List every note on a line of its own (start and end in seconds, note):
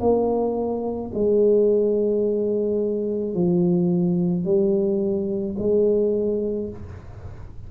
0.00 1.11 A#3
1.14 3.34 G#3
3.34 4.44 F3
4.44 5.56 G3
5.58 6.69 G#3